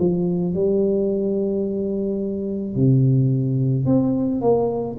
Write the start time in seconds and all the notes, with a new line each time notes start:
0.00 F3
0.55 G3
2.76 C3
3.86 C4
4.42 A#3